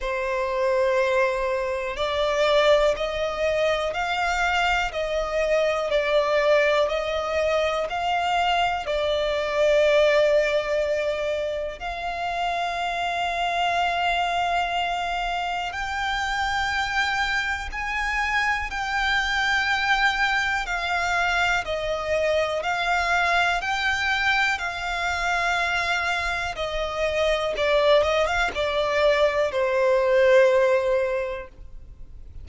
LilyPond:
\new Staff \with { instrumentName = "violin" } { \time 4/4 \tempo 4 = 61 c''2 d''4 dis''4 | f''4 dis''4 d''4 dis''4 | f''4 d''2. | f''1 |
g''2 gis''4 g''4~ | g''4 f''4 dis''4 f''4 | g''4 f''2 dis''4 | d''8 dis''16 f''16 d''4 c''2 | }